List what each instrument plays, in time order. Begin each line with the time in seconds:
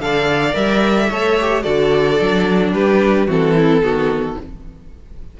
0.00 cello D3, viola A4, violin D5 F5
0.52 cello G3, viola A#4, violin E5
1.10 cello A3, viola A4, violin C#5
1.40 viola G4
1.62 cello D3, viola F#4, violin A4 D5
2.20 cello F#3, viola D4
2.73 cello G3, violin G4 B4
3.27 cello E3, viola C4, violin F#4 A4
3.56 violin E4
3.81 cello D#3, viola B3, violin F#4